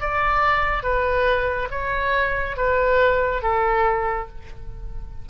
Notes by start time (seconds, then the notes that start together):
0.00 D5
0.83 B4
1.71 C#5
2.57 B4
3.42 A4